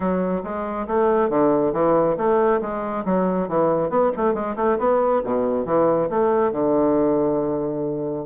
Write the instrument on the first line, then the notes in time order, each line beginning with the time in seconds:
bassoon
0.00 F#3
0.43 G#3
0.87 A3
1.29 D3
1.73 E3
2.17 A3
2.61 G#3
3.05 F#3
3.48 E3
3.89 B3
4.16 A3
4.33 G#3
4.56 A3
4.78 B3
5.24 B2
5.65 E3
6.09 A3
6.52 D3